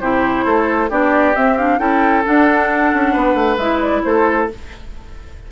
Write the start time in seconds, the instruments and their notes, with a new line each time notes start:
0.00 bassoon C3, clarinet E4, oboe G4, flute C5
0.45 bassoon A3, oboe A4
0.89 bassoon B3, clarinet D4, oboe G4, flute D5
1.35 clarinet C4, bassoon C4, flute E5
1.57 clarinet D4, flute F5
1.78 bassoon C#4, clarinet E4, oboe A4, flute G5
2.25 clarinet D4, bassoon D4, flute F#5
2.93 bassoon C#4
3.12 bassoon B3, oboe B4
3.34 bassoon A3
3.57 bassoon G#3, clarinet E4, flute E5
3.81 flute D5
4.03 bassoon A3, oboe A4, flute C5